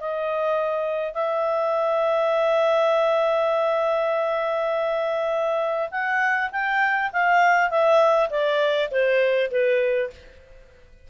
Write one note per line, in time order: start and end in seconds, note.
0.00 1.14 D#5
1.14 5.90 E5
5.91 6.51 F#5
6.52 7.12 G5
7.13 7.70 F5
7.70 8.30 E5
8.30 8.90 D5
8.92 9.51 C5
9.51 10.11 B4